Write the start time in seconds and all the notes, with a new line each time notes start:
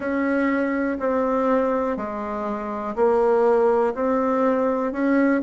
0.00 C#4
0.99 C4
1.97 G#3
2.95 A#3
3.94 C4
4.92 C#4